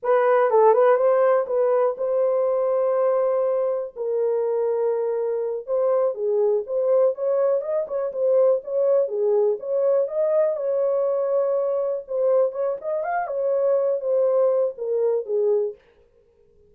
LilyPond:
\new Staff \with { instrumentName = "horn" } { \time 4/4 \tempo 4 = 122 b'4 a'8 b'8 c''4 b'4 | c''1 | ais'2.~ ais'8 c''8~ | c''8 gis'4 c''4 cis''4 dis''8 |
cis''8 c''4 cis''4 gis'4 cis''8~ | cis''8 dis''4 cis''2~ cis''8~ | cis''8 c''4 cis''8 dis''8 f''8 cis''4~ | cis''8 c''4. ais'4 gis'4 | }